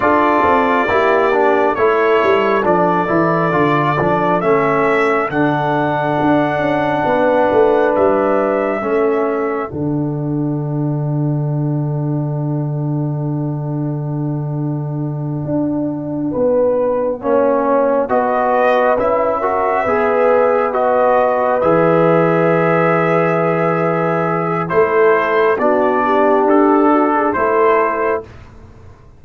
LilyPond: <<
  \new Staff \with { instrumentName = "trumpet" } { \time 4/4 \tempo 4 = 68 d''2 cis''4 d''4~ | d''4 e''4 fis''2~ | fis''4 e''2 fis''4~ | fis''1~ |
fis''1~ | fis''8 dis''4 e''2 dis''8~ | dis''8 e''2.~ e''8 | c''4 d''4 a'4 c''4 | }
  \new Staff \with { instrumentName = "horn" } { \time 4/4 a'4 g'4 a'2~ | a'1 | b'2 a'2~ | a'1~ |
a'2~ a'8 b'4 cis''8~ | cis''8 b'4. ais'8 b'4.~ | b'1 | a'4 fis'8 g'4 fis'16 gis'16 a'4 | }
  \new Staff \with { instrumentName = "trombone" } { \time 4/4 f'4 e'8 d'8 e'4 d'8 e'8 | f'8 d'8 cis'4 d'2~ | d'2 cis'4 d'4~ | d'1~ |
d'2.~ d'8 cis'8~ | cis'8 fis'4 e'8 fis'8 gis'4 fis'8~ | fis'8 gis'2.~ gis'8 | e'4 d'2 e'4 | }
  \new Staff \with { instrumentName = "tuba" } { \time 4/4 d'8 c'8 ais4 a8 g8 f8 e8 | d8 f8 a4 d4 d'8 cis'8 | b8 a8 g4 a4 d4~ | d1~ |
d4. d'4 b4 ais8~ | ais8 b4 cis'4 b4.~ | b8 e2.~ e8 | a4 b4 d'4 a4 | }
>>